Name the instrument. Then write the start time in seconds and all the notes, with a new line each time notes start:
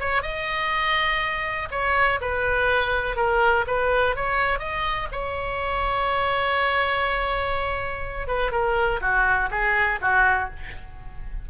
oboe
0.00 C#5
0.23 D#5
1.71 C#5
2.21 B4
3.16 A#4
3.67 B4
4.16 C#5
4.59 D#5
5.12 C#5
8.28 B4
8.52 A#4
9.01 F#4
9.51 G#4
10.02 F#4